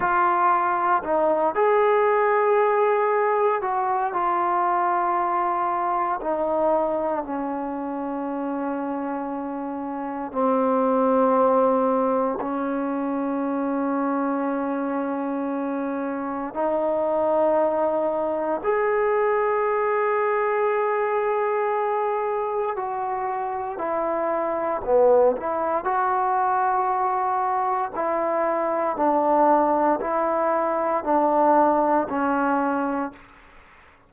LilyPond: \new Staff \with { instrumentName = "trombone" } { \time 4/4 \tempo 4 = 58 f'4 dis'8 gis'2 fis'8 | f'2 dis'4 cis'4~ | cis'2 c'2 | cis'1 |
dis'2 gis'2~ | gis'2 fis'4 e'4 | b8 e'8 fis'2 e'4 | d'4 e'4 d'4 cis'4 | }